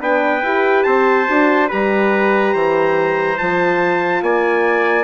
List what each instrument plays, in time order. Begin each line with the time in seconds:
0.00 bassoon B3, horn D4, trumpet B4 G5
0.42 bassoon E4, horn G4
0.82 bassoon C4, trumpet C5 A5
1.27 bassoon D4, horn F#4
1.68 bassoon G3, horn G4, trumpet B4 A#5
2.52 bassoon E3, trumpet C5
3.37 bassoon F3, horn F4, trumpet A5
4.21 bassoon A#3, trumpet D5 G#5